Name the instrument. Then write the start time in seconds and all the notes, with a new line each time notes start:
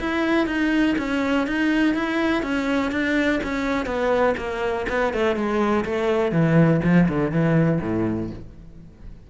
cello
0.00 E4
0.47 D#4
0.98 C#4
1.47 D#4
1.95 E4
2.43 C#4
2.92 D4
3.44 C#4
3.86 B3
4.38 A#3
4.89 B3
5.14 A3
5.36 G#3
5.85 A3
6.32 E3
6.84 F3
7.09 D3
7.31 E3
7.82 A2